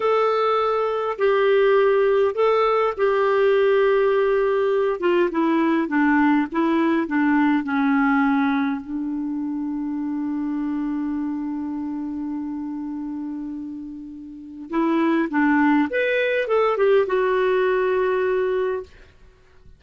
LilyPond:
\new Staff \with { instrumentName = "clarinet" } { \time 4/4 \tempo 4 = 102 a'2 g'2 | a'4 g'2.~ | g'8 f'8 e'4 d'4 e'4 | d'4 cis'2 d'4~ |
d'1~ | d'1~ | d'4 e'4 d'4 b'4 | a'8 g'8 fis'2. | }